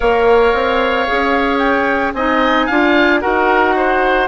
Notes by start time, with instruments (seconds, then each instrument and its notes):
0.00 bassoon A#3, clarinet A#4, oboe C#5, flute F5
0.53 bassoon C4
1.07 bassoon C#4, clarinet G#4
1.58 flute G5
2.13 bassoon C4, clarinet D#4, oboe D#5, flute G#5
2.66 bassoon D4, clarinet F4, oboe F5
3.21 bassoon D#4, clarinet F#4, oboe A#4, flute F#5
3.76 oboe C5